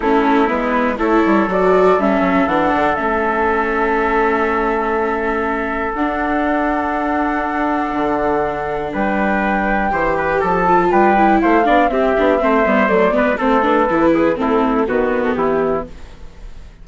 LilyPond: <<
  \new Staff \with { instrumentName = "flute" } { \time 4/4 \tempo 4 = 121 a'4 b'4 cis''4 d''4 | e''4 fis''4 e''2~ | e''1 | fis''1~ |
fis''2 g''2~ | g''4 a''4 g''4 f''4 | e''2 d''4 c''8 b'8~ | b'4 a'4 b'8. a'16 g'4 | }
  \new Staff \with { instrumentName = "trumpet" } { \time 4/4 e'2 a'2~ | a'1~ | a'1~ | a'1~ |
a'2 b'2 | c''8 b'8 a'4 b'4 c''8 d''8 | g'4 c''4. b'8 a'4~ | a'8 gis'8 e'4 fis'4 e'4 | }
  \new Staff \with { instrumentName = "viola" } { \time 4/4 cis'4 b4 e'4 fis'4 | cis'4 d'4 cis'2~ | cis'1 | d'1~ |
d'1 | g'4. f'4 e'4 d'8 | c'8 d'8 c'8 b8 a8 b8 c'8 d'8 | e'4 c'4 b2 | }
  \new Staff \with { instrumentName = "bassoon" } { \time 4/4 a4 gis4 a8 g8 fis4 | g8 fis8 e8 d8 a2~ | a1 | d'1 |
d2 g2 | e4 f4 g4 a8 b8 | c'8 b8 a8 g8 fis8 gis8 a4 | e4 a4 dis4 e4 | }
>>